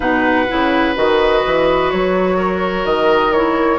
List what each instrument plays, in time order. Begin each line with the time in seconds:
0.00 bassoon B2, clarinet D#4, oboe B4, flute F#5
0.48 bassoon C#3, clarinet E4
0.95 bassoon D#3, clarinet F#4, flute D#5
1.45 bassoon E3
1.90 bassoon F#3, flute C#5
2.36 oboe A#4
2.85 bassoon D#3, flute D#5
3.33 clarinet E4, flute C#5